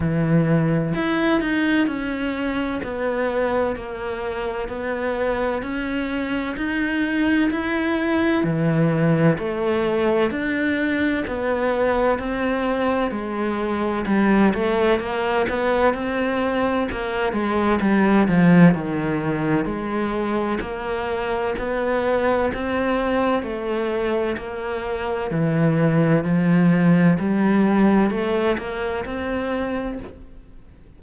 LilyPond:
\new Staff \with { instrumentName = "cello" } { \time 4/4 \tempo 4 = 64 e4 e'8 dis'8 cis'4 b4 | ais4 b4 cis'4 dis'4 | e'4 e4 a4 d'4 | b4 c'4 gis4 g8 a8 |
ais8 b8 c'4 ais8 gis8 g8 f8 | dis4 gis4 ais4 b4 | c'4 a4 ais4 e4 | f4 g4 a8 ais8 c'4 | }